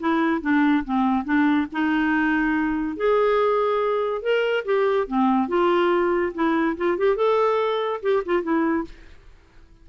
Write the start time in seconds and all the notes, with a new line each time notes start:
0.00 E4
0.42 D4
0.85 C4
1.25 D4
1.72 D#4
2.97 G#4
4.22 A#4
4.65 G4
5.08 C4
5.49 F4
6.34 E4
6.77 F4
6.98 G4
7.16 A4
8.02 G4
8.26 F4
8.43 E4